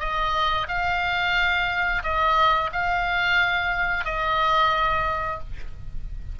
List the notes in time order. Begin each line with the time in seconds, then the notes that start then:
0.00 D#5
0.68 F5
2.03 D#5
2.72 F5
4.05 D#5